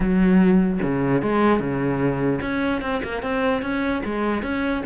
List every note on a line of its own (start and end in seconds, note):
0.00 0.79 F#3
0.82 1.22 C#3
1.22 1.59 G#3
1.59 2.40 C#3
2.41 2.81 C#4
2.81 3.01 C4
3.03 3.22 A#3
3.22 3.62 C4
3.62 4.02 C#4
4.05 4.42 G#3
4.42 4.82 C#4